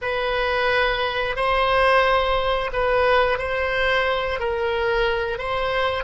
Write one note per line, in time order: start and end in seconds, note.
0.01 1.35 B4
1.35 2.70 C5
2.72 3.38 B4
3.38 4.39 C5
4.39 5.38 A#4
5.38 6.04 C5